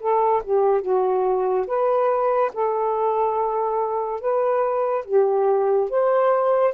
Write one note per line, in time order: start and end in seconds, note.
0.00 0.42 A4
0.44 0.82 G4
0.82 1.66 F#4
1.67 2.52 B4
2.54 4.21 A4
4.21 5.05 B4
5.05 5.90 G4
5.90 6.74 C5